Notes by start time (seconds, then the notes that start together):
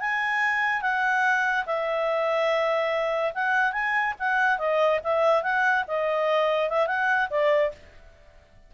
0.00 G#5
0.82 F#5
1.66 E5
3.35 F#5
3.73 G#5
4.19 F#5
4.58 D#5
5.04 E5
5.43 F#5
5.88 D#5
6.70 E5
6.87 F#5
7.30 D5